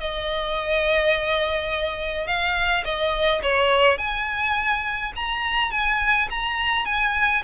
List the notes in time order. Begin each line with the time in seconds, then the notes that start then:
0.00 D#5
2.27 F5
2.84 D#5
3.43 C#5
3.98 G#5
5.16 A#5
5.71 G#5
6.30 A#5
6.85 G#5